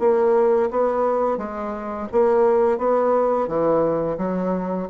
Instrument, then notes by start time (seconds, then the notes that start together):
bassoon
0.00 A#3
0.71 B3
1.38 G#3
2.12 A#3
2.78 B3
3.48 E3
4.18 F#3